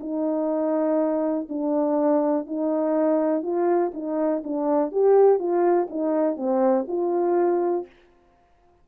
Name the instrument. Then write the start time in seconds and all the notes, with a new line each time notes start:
horn
0.00 D#4
1.49 D4
2.46 D#4
3.42 F4
3.94 D#4
4.44 D4
4.92 G4
5.39 F4
5.89 D#4
6.36 C4
6.87 F4